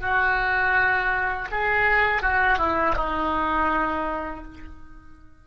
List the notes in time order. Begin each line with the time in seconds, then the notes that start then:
0.00 F#4
1.51 G#4
2.22 F#4
2.58 E4
2.96 D#4